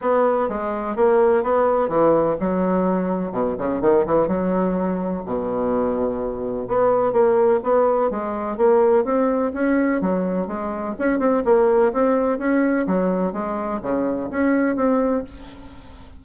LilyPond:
\new Staff \with { instrumentName = "bassoon" } { \time 4/4 \tempo 4 = 126 b4 gis4 ais4 b4 | e4 fis2 b,8 cis8 | dis8 e8 fis2 b,4~ | b,2 b4 ais4 |
b4 gis4 ais4 c'4 | cis'4 fis4 gis4 cis'8 c'8 | ais4 c'4 cis'4 fis4 | gis4 cis4 cis'4 c'4 | }